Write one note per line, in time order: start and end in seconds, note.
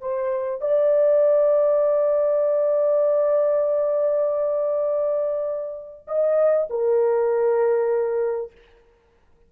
0.00 0.61 C5
0.61 6.06 D5
6.07 6.67 D#5
6.69 8.51 A#4